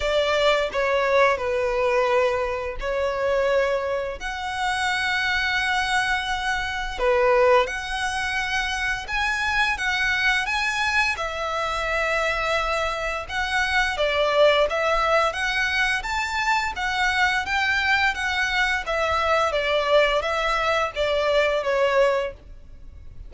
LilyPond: \new Staff \with { instrumentName = "violin" } { \time 4/4 \tempo 4 = 86 d''4 cis''4 b'2 | cis''2 fis''2~ | fis''2 b'4 fis''4~ | fis''4 gis''4 fis''4 gis''4 |
e''2. fis''4 | d''4 e''4 fis''4 a''4 | fis''4 g''4 fis''4 e''4 | d''4 e''4 d''4 cis''4 | }